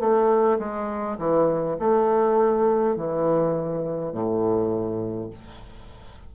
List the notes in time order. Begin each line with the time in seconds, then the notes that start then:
0.00 A3
0.59 G#3
1.18 E3
1.80 A3
2.96 E3
4.13 A2